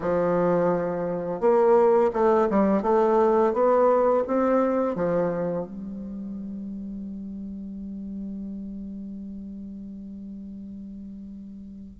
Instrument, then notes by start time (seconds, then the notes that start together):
bassoon
0.00 F3
1.40 A#3
2.13 A3
2.50 G3
2.82 A3
3.53 B3
4.27 C4
4.95 F3
5.66 G3